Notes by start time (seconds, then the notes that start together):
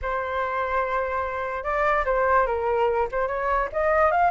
0.02 C5
1.63 D5
2.05 C5
2.46 A#4
3.11 C5
3.27 C#5
3.72 D#5
4.11 F5